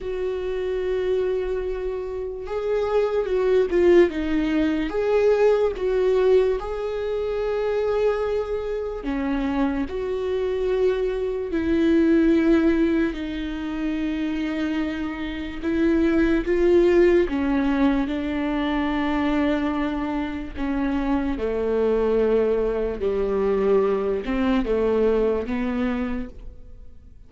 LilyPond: \new Staff \with { instrumentName = "viola" } { \time 4/4 \tempo 4 = 73 fis'2. gis'4 | fis'8 f'8 dis'4 gis'4 fis'4 | gis'2. cis'4 | fis'2 e'2 |
dis'2. e'4 | f'4 cis'4 d'2~ | d'4 cis'4 a2 | g4. c'8 a4 b4 | }